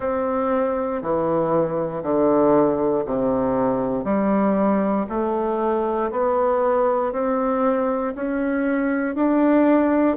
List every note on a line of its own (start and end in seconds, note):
0.00 1.02 C4
1.02 2.02 E3
2.02 3.04 D3
3.05 4.04 C3
4.04 5.06 G3
5.09 6.11 A3
6.11 7.12 B3
7.12 8.14 C4
8.14 9.15 C#4
9.15 10.16 D4